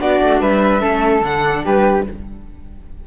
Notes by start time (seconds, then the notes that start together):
0.00 B3 D4 F#4 D5
0.22 A3
0.41 G3 B4 E5
0.81 A3 C#4 A4
1.21 D3 D4 F#5
1.65 G3 G4 B4